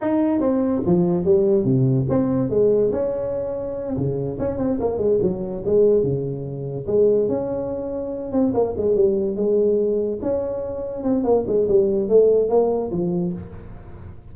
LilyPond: \new Staff \with { instrumentName = "tuba" } { \time 4/4 \tempo 4 = 144 dis'4 c'4 f4 g4 | c4 c'4 gis4 cis'4~ | cis'4. cis4 cis'8 c'8 ais8 | gis8 fis4 gis4 cis4.~ |
cis8 gis4 cis'2~ cis'8 | c'8 ais8 gis8 g4 gis4.~ | gis8 cis'2 c'8 ais8 gis8 | g4 a4 ais4 f4 | }